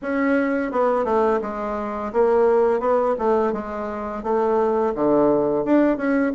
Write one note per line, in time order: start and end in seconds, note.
0.02 0.71 C#4
0.71 1.04 B3
1.04 1.40 A3
1.41 2.12 G#3
2.12 2.80 A#3
2.80 3.15 B3
3.18 3.53 A3
3.53 4.23 G#3
4.23 4.93 A3
4.94 5.64 D3
5.64 5.96 D4
5.96 6.32 C#4